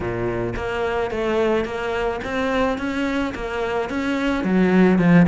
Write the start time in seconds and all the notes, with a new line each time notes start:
0.00 A#2
0.56 A#3
1.10 A3
1.64 A#3
2.24 C4
2.78 C#4
3.34 A#3
3.89 C#4
4.43 F#3
4.98 F3